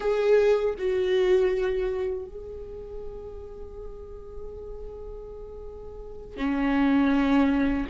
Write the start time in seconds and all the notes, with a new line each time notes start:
0.00 G#4
0.78 F#4
2.25 G#4
6.36 C#4